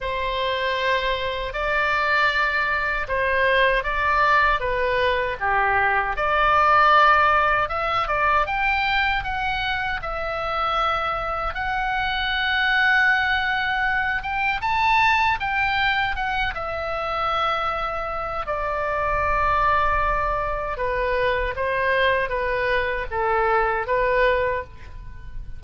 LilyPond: \new Staff \with { instrumentName = "oboe" } { \time 4/4 \tempo 4 = 78 c''2 d''2 | c''4 d''4 b'4 g'4 | d''2 e''8 d''8 g''4 | fis''4 e''2 fis''4~ |
fis''2~ fis''8 g''8 a''4 | g''4 fis''8 e''2~ e''8 | d''2. b'4 | c''4 b'4 a'4 b'4 | }